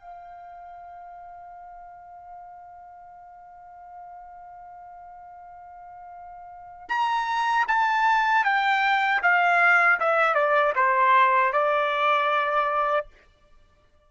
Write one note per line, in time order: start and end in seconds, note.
0.00 6.89 F5
6.89 7.66 A#5
7.68 8.44 A5
8.44 9.21 G5
9.22 9.99 F5
10.00 10.35 E5
10.35 10.73 D5
10.76 11.52 C5
11.53 13.07 D5